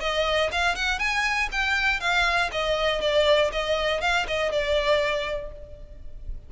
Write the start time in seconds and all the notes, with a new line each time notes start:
0.00 D#5
0.52 F5
0.75 F#5
0.99 G#5
1.51 G5
2.00 F5
2.51 D#5
3.01 D5
3.52 D#5
4.01 F5
4.27 D#5
4.52 D5